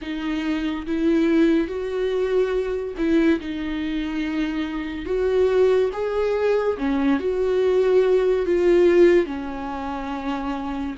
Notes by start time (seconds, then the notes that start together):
0.01 D#4
0.86 E4
1.67 F#4
2.97 E4
3.40 D#4
5.05 F#4
5.92 G#4
6.77 C#4
7.19 F#4
8.45 F4
9.26 C#4